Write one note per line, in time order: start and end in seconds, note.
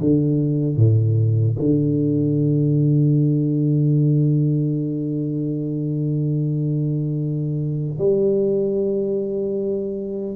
0.00 0.76 D3
0.76 1.56 A2
1.59 7.98 D3
7.98 10.36 G3